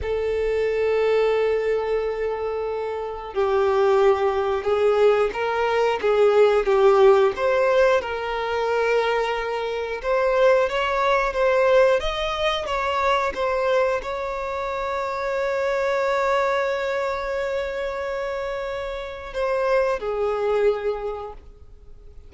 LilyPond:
\new Staff \with { instrumentName = "violin" } { \time 4/4 \tempo 4 = 90 a'1~ | a'4 g'2 gis'4 | ais'4 gis'4 g'4 c''4 | ais'2. c''4 |
cis''4 c''4 dis''4 cis''4 | c''4 cis''2.~ | cis''1~ | cis''4 c''4 gis'2 | }